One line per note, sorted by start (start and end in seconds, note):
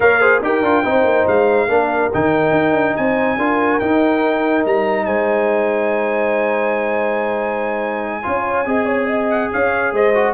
0.00 0.42 A#3
0.00 0.20 A#4
0.00 0.20 C#5
0.00 0.42 F5
0.20 0.41 G#4
0.20 0.41 C5
0.42 0.62 D#4
0.42 0.63 G4
0.42 0.83 A#4
0.42 1.27 G5
0.62 0.83 D4
0.62 0.84 F4
0.83 1.04 C4
0.83 1.68 D#4
0.83 1.68 C5
1.04 1.25 A#3
1.27 1.67 G#3
1.27 2.12 F5
1.67 2.10 A#3
1.67 2.11 D4
1.67 2.96 A#4
2.13 2.51 D#3
2.13 3.38 D#4
2.13 2.96 G5
2.51 2.72 D#4
2.72 2.93 D4
2.96 3.37 C4
2.96 3.38 C5
2.96 3.79 G#5
3.37 3.79 D4
3.37 3.81 F4
3.37 5.05 A#4
3.79 4.65 D#4
3.79 8.22 D#4
3.79 4.64 G5
4.65 5.06 G3
4.65 5.05 A#5
5.05 8.23 G#3
5.05 8.22 C5
5.05 9.28 G#5
8.22 8.65 C#4
8.22 8.65 F4
8.22 8.68 C#5
8.65 9.50 C4
8.65 10.13 G#4
8.65 8.85 D#5
8.85 9.06 C#5
9.06 9.48 D#5
9.29 9.51 F#5
9.51 9.92 C#4
9.51 9.93 C#5
9.51 9.95 F5
9.92 10.33 G#3
9.92 10.33 C5
9.92 10.33 D#5
10.14 10.33 F#4